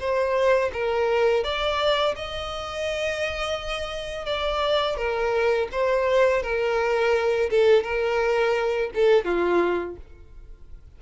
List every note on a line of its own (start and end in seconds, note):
0.00 0.71 C5
0.73 1.44 A#4
1.44 2.15 D5
2.16 4.26 D#5
4.26 4.97 D5
4.97 5.69 A#4
5.72 6.43 C5
6.43 7.50 A#4
7.50 7.84 A4
7.84 8.91 A#4
8.95 9.25 A4
9.25 9.96 F4